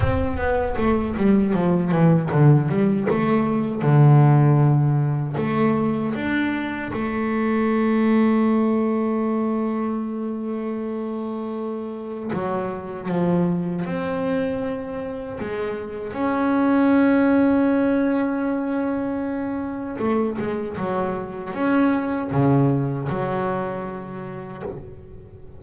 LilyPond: \new Staff \with { instrumentName = "double bass" } { \time 4/4 \tempo 4 = 78 c'8 b8 a8 g8 f8 e8 d8 g8 | a4 d2 a4 | d'4 a2.~ | a1 |
fis4 f4 c'2 | gis4 cis'2.~ | cis'2 a8 gis8 fis4 | cis'4 cis4 fis2 | }